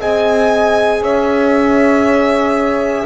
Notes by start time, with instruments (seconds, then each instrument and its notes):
0.00 double bass C4, trombone G#4, horn D#5, violin G#5
1.01 double bass C#4, horn C#5, violin E5